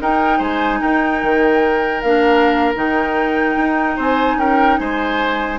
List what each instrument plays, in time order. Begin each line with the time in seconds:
0.00 clarinet D#4, bassoon D#4, oboe A#4, flute G5
0.38 bassoon G#3, oboe C5, flute G#5
0.81 bassoon D#4, oboe A#4, flute G5
1.23 bassoon D#3
2.02 bassoon A#3, clarinet D4, flute F5
2.75 bassoon D#3, clarinet D#4, flute G5
3.57 bassoon D#4
3.97 bassoon C4, oboe C5, flute G#5
4.36 bassoon C#4, oboe A#4, flute G5
4.78 bassoon G#3, oboe C5, flute G#5